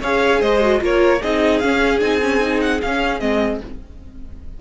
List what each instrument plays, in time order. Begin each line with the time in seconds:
0.00 cello C#4, viola G#4, violin C#5 F5
0.40 cello G#3, violin C5 D#5
0.61 viola F#4
0.79 cello A#3, viola F4, violin A#4 C#5
1.21 cello C4, viola D#4, violin G#4 D#5
1.59 viola C#4, cello C#4, violin F5
2.00 cello C4, viola D#4, violin G#5
2.22 viola C#4
2.40 viola D#4
2.61 violin F#5
2.81 cello C#4, viola C#4, violin F5
3.20 cello G#3, viola C4, violin D#5